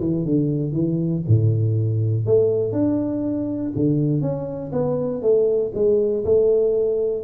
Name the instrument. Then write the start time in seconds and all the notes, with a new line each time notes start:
tuba
0.00 E3
0.25 D3
0.72 E3
1.28 A2
2.26 A3
2.73 D4
3.76 D3
4.22 C#4
4.72 B3
5.22 A3
5.74 G#3
6.25 A3